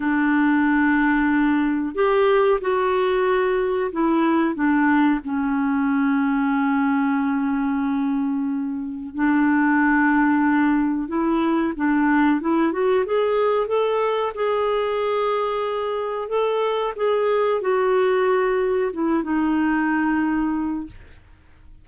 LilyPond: \new Staff \with { instrumentName = "clarinet" } { \time 4/4 \tempo 4 = 92 d'2. g'4 | fis'2 e'4 d'4 | cis'1~ | cis'2 d'2~ |
d'4 e'4 d'4 e'8 fis'8 | gis'4 a'4 gis'2~ | gis'4 a'4 gis'4 fis'4~ | fis'4 e'8 dis'2~ dis'8 | }